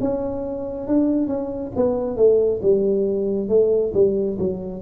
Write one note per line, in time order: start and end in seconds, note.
0.00 0.87 C#4
0.87 1.27 D4
1.27 1.71 C#4
1.75 2.16 B3
2.16 2.60 A3
2.61 3.48 G3
3.48 3.92 A3
3.93 4.38 G3
4.38 4.81 F#3